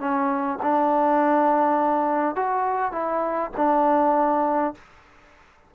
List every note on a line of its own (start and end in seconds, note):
0.00 0.59 C#4
0.63 2.36 D4
2.36 2.92 F#4
2.92 3.51 E4
3.57 4.75 D4